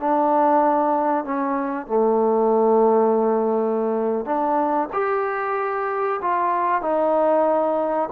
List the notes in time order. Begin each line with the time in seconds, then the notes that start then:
0.00 D4
1.25 C#4
1.87 A3
4.26 D4
4.93 G4
6.22 F4
6.82 D#4